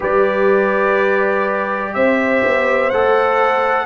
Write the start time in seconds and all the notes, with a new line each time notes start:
0.00 G3 G4 B4 D5
1.94 C4 C5 E5
2.44 B3
2.90 A3 A4 F#5